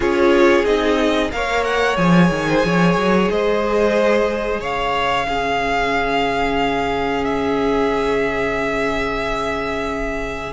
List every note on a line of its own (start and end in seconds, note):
0.00 0.65 C#4
0.00 0.65 F4
0.00 1.32 G#4
0.00 0.65 C#5
0.65 1.31 C4
0.65 1.31 D#4
0.65 1.31 D#5
1.31 1.97 A#3
1.31 1.96 A#4
1.31 2.49 C#5
1.31 1.64 F5
1.64 1.96 F#5
1.96 2.30 F3
1.96 5.26 G#4
1.96 3.28 G#5
2.30 2.63 D#3
2.49 2.66 C5
2.64 2.95 F3
2.64 3.32 C#5
2.95 3.28 F#3
3.30 4.59 G#3
3.30 4.60 C5
3.30 4.62 D#5
4.59 10.52 C#3
4.59 5.26 C#5
4.59 7.24 F5
5.27 10.53 C#4
5.27 10.53 G#4
7.24 10.53 E5